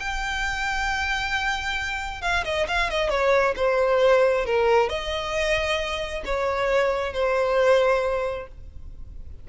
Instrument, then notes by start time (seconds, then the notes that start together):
violin
0.00 G5
2.22 F5
2.45 D#5
2.68 F5
2.90 D#5
3.10 C#5
3.56 C5
4.46 A#4
4.89 D#5
6.26 C#5
7.13 C5